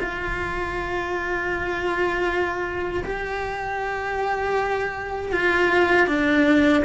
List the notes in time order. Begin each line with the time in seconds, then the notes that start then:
0.00 F4
3.04 G4
5.33 F4
6.08 D4